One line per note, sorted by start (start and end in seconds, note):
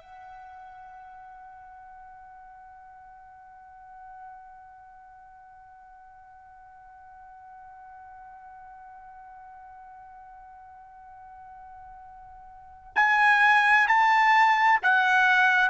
0.00 12.92 F#5
12.95 13.87 G#5
13.87 14.79 A5
14.82 15.69 F#5